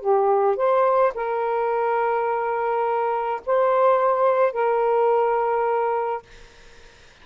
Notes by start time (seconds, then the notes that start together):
0.00 G4
0.56 C5
1.14 A#4
3.46 C5
4.53 A#4